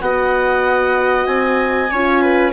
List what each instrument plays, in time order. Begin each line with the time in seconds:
0.00 bassoon B3, horn F#4, viola D#5, clarinet F#5
1.26 bassoon C4, clarinet G#5
1.91 bassoon C#4, horn F4, viola C#5
2.21 viola B4